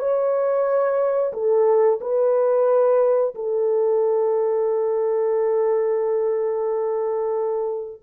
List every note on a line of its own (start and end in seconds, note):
0.00 1.33 C#5
1.34 2.00 A4
2.02 3.35 B4
3.35 8.02 A4